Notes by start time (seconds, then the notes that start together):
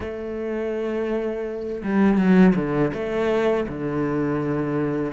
0.00 A3
1.83 G3
2.18 F#3
2.55 D3
2.93 A3
3.68 D3